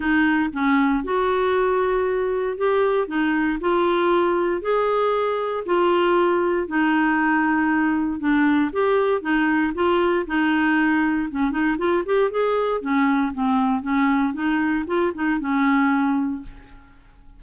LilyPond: \new Staff \with { instrumentName = "clarinet" } { \time 4/4 \tempo 4 = 117 dis'4 cis'4 fis'2~ | fis'4 g'4 dis'4 f'4~ | f'4 gis'2 f'4~ | f'4 dis'2. |
d'4 g'4 dis'4 f'4 | dis'2 cis'8 dis'8 f'8 g'8 | gis'4 cis'4 c'4 cis'4 | dis'4 f'8 dis'8 cis'2 | }